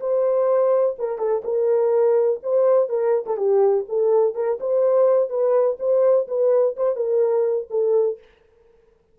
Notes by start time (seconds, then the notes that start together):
0.00 C5
0.98 A#4
1.18 A4
1.44 A#4
2.42 C5
2.89 A#4
3.26 A4
3.37 G4
3.88 A4
4.34 A#4
4.60 C5
5.29 B4
5.79 C5
6.27 B4
6.76 C5
6.96 A#4
7.70 A4